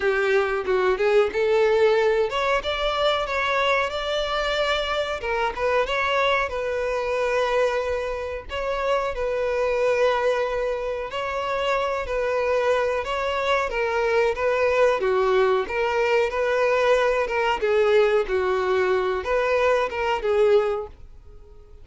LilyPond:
\new Staff \with { instrumentName = "violin" } { \time 4/4 \tempo 4 = 92 g'4 fis'8 gis'8 a'4. cis''8 | d''4 cis''4 d''2 | ais'8 b'8 cis''4 b'2~ | b'4 cis''4 b'2~ |
b'4 cis''4. b'4. | cis''4 ais'4 b'4 fis'4 | ais'4 b'4. ais'8 gis'4 | fis'4. b'4 ais'8 gis'4 | }